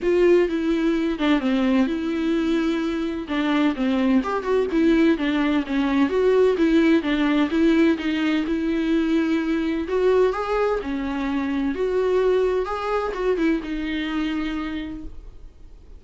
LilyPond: \new Staff \with { instrumentName = "viola" } { \time 4/4 \tempo 4 = 128 f'4 e'4. d'8 c'4 | e'2. d'4 | c'4 g'8 fis'8 e'4 d'4 | cis'4 fis'4 e'4 d'4 |
e'4 dis'4 e'2~ | e'4 fis'4 gis'4 cis'4~ | cis'4 fis'2 gis'4 | fis'8 e'8 dis'2. | }